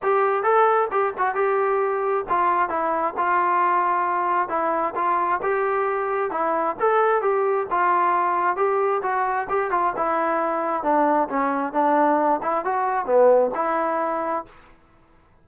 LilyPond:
\new Staff \with { instrumentName = "trombone" } { \time 4/4 \tempo 4 = 133 g'4 a'4 g'8 fis'8 g'4~ | g'4 f'4 e'4 f'4~ | f'2 e'4 f'4 | g'2 e'4 a'4 |
g'4 f'2 g'4 | fis'4 g'8 f'8 e'2 | d'4 cis'4 d'4. e'8 | fis'4 b4 e'2 | }